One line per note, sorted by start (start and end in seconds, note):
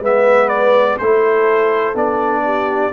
0.00 0.97 G#3
0.00 0.99 B3
0.00 0.98 B4
0.00 0.48 E5
0.48 0.97 D5
0.98 1.94 A3
0.98 1.94 E4
0.98 2.43 A4
0.98 1.95 C5
1.94 2.91 B3
1.94 2.91 D4
1.94 2.92 D5
2.44 2.92 G4